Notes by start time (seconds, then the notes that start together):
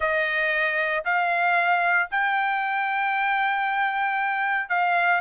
0.00 D#5
1.04 F5
2.10 G5
4.69 F5